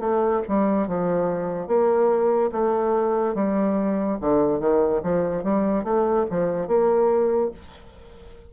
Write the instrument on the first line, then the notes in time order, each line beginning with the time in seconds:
bassoon
0.00 A3
0.48 G3
0.88 F3
1.67 A#3
2.52 A3
3.35 G3
4.21 D3
4.60 D#3
5.03 F3
5.44 G3
5.84 A3
6.30 F3
6.68 A#3